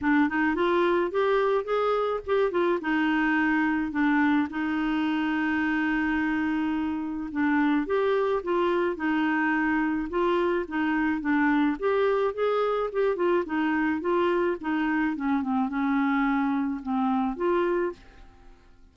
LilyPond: \new Staff \with { instrumentName = "clarinet" } { \time 4/4 \tempo 4 = 107 d'8 dis'8 f'4 g'4 gis'4 | g'8 f'8 dis'2 d'4 | dis'1~ | dis'4 d'4 g'4 f'4 |
dis'2 f'4 dis'4 | d'4 g'4 gis'4 g'8 f'8 | dis'4 f'4 dis'4 cis'8 c'8 | cis'2 c'4 f'4 | }